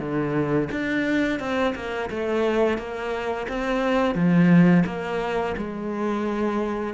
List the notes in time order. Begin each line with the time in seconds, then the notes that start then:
0.00 D3
0.71 D4
1.40 C4
1.76 A#3
2.10 A3
2.78 A#3
3.49 C4
4.15 F3
4.86 A#3
5.57 G#3